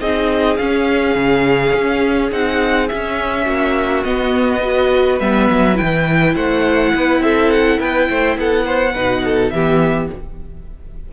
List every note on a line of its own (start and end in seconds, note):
0.00 0.58 C4
0.00 0.59 D#4
0.00 3.44 G#4
0.00 0.56 D#5
0.56 1.15 C#4
0.56 2.31 C#4
0.56 2.29 F5
1.15 1.73 C#3
1.74 2.31 C#4
2.31 2.89 C4
2.31 2.89 D#4
2.31 2.88 F#5
2.88 4.05 C#4
2.88 3.46 C#4
2.88 4.03 E5
3.44 4.04 A#3
3.44 4.59 F#4
4.03 5.20 B3
4.03 4.62 B3
4.03 5.19 D#5
4.60 5.20 F#4
4.60 6.33 B4
5.20 5.49 G3
5.20 5.74 B3
5.20 5.77 E5
5.51 5.79 F#3
5.74 8.92 E4
5.74 6.35 G5
5.81 6.36 E3
6.35 6.93 A3
6.35 6.93 C5
6.35 7.22 F#5
6.93 7.20 B3
6.93 7.22 B4
7.20 7.78 C4
7.20 7.80 A4
7.20 7.50 E5
7.50 7.79 F#5
7.79 8.09 B3
7.79 8.08 B4
7.79 8.37 G5
8.09 8.37 A3
8.09 8.37 C5
8.37 8.95 B3
8.37 8.65 A4
8.37 9.50 F#5
8.65 8.93 C5
8.93 9.52 B2
8.93 9.53 D#4
8.93 9.21 B4
9.24 9.53 A4
9.50 10.09 E3
9.50 10.13 B3
9.50 10.11 G4
9.50 10.08 E5